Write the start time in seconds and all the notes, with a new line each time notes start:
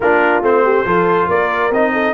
0.00 A#3 D4 F4 A#4
0.41 A3 C4 C5
0.63 G4
0.85 F3 F4 A4
1.27 A#3 A#4 D5
1.70 C4 D#4 D#5
1.92 A4